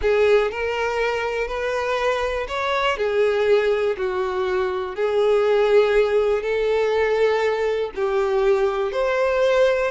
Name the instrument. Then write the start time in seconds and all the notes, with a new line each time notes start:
violin
0.01 G#4
0.51 A#4
1.47 B4
2.48 C#5
2.97 G#4
3.97 F#4
4.95 G#4
6.42 A4
7.95 G4
8.91 C5